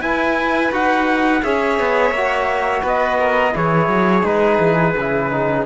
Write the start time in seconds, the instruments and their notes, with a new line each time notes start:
0.00 cello E4, trombone E4, violin B4, trumpet G#5
0.72 cello D#4, trombone F#4, trumpet F#5
1.43 cello C#4, trombone G#4, violin C#5, trumpet E5
1.79 cello B3
2.11 cello A#3, trombone F#4
2.82 cello B3, violin B4, trumpet D#5
3.19 violin A#4
3.51 cello E3, trombone E4, violin G#4, trumpet C#5
3.87 cello F#3
4.23 cello G#3, trombone D#4, trumpet B4
4.59 cello E3
4.96 cello C#3, trombone E4
5.31 trombone D#4